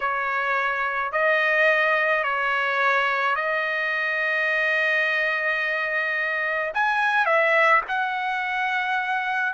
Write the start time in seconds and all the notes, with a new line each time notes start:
0.00 C#5
1.12 D#5
2.23 C#5
3.35 D#5
6.74 G#5
7.25 E5
7.88 F#5